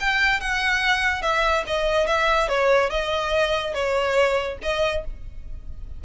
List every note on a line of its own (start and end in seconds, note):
0.00 0.41 G5
0.41 1.22 F#5
1.22 1.64 E5
1.67 2.07 D#5
2.07 2.49 E5
2.49 2.90 C#5
2.90 3.74 D#5
3.74 4.58 C#5
4.62 5.04 D#5